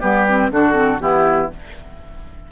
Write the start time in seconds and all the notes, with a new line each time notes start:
0.00 G3 B3 G4 B4
0.28 C4
0.50 D3 D4 F#4 A4
0.73 C4
1.00 E3 B3 E4 G4